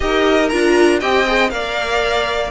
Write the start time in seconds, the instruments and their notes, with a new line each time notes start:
0.00 cello D#4, viola G4, violin A#4 D#5
0.49 cello D4, viola F4, violin A#5
0.99 cello C4, viola G4, violin D#5 G5
1.26 viola G#4
1.49 cello A#3, viola A#4, violin D5 F5